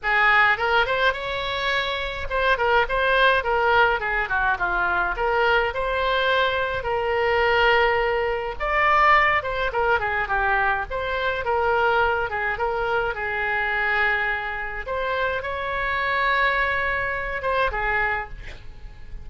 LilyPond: \new Staff \with { instrumentName = "oboe" } { \time 4/4 \tempo 4 = 105 gis'4 ais'8 c''8 cis''2 | c''8 ais'8 c''4 ais'4 gis'8 fis'8 | f'4 ais'4 c''2 | ais'2. d''4~ |
d''8 c''8 ais'8 gis'8 g'4 c''4 | ais'4. gis'8 ais'4 gis'4~ | gis'2 c''4 cis''4~ | cis''2~ cis''8 c''8 gis'4 | }